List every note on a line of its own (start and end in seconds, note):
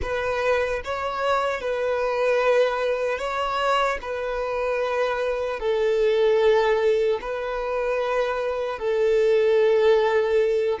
0.02 0.82 B4
0.84 1.60 C#5
1.60 3.18 B4
3.18 3.98 C#5
4.01 5.59 B4
5.59 7.19 A4
7.21 8.79 B4
8.79 10.79 A4